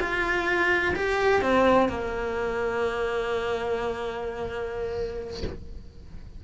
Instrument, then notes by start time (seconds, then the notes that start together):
cello
0.00 F4
0.96 G4
1.42 C4
1.89 A#3